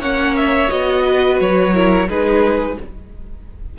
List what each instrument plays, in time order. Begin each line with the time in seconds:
0.00 cello A#3, viola C#4, violin C#5 F#5
0.36 violin E5
0.69 cello B3, viola F#4, violin D#5
1.06 violin B4
1.40 cello F#3, violin C#5
1.74 viola E4, violin A#4
2.08 cello G#3, viola D#4, violin G#4 B4